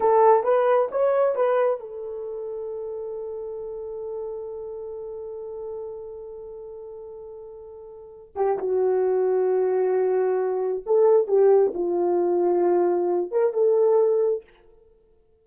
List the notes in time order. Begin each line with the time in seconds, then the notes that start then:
0.00 A4
0.43 B4
0.91 C#5
1.35 B4
1.79 A4
8.35 G4
8.58 F#4
10.86 A4
11.27 G4
11.74 F4
13.31 A#4
13.53 A4